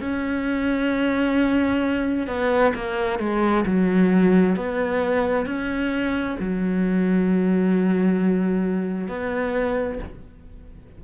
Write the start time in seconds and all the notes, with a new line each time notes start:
0.00 C#4
2.27 B3
2.74 A#3
3.19 G#3
3.66 F#3
4.56 B3
5.46 C#4
6.39 F#3
9.08 B3